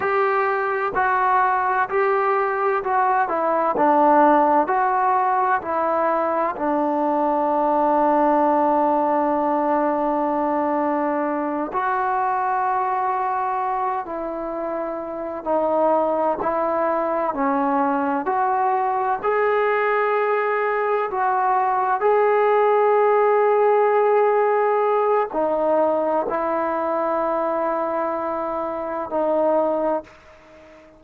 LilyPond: \new Staff \with { instrumentName = "trombone" } { \time 4/4 \tempo 4 = 64 g'4 fis'4 g'4 fis'8 e'8 | d'4 fis'4 e'4 d'4~ | d'1~ | d'8 fis'2~ fis'8 e'4~ |
e'8 dis'4 e'4 cis'4 fis'8~ | fis'8 gis'2 fis'4 gis'8~ | gis'2. dis'4 | e'2. dis'4 | }